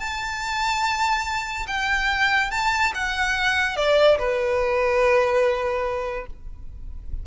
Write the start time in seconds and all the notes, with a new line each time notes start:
0.00 A5
1.68 G5
2.51 A5
2.95 F#5
3.77 D5
4.19 B4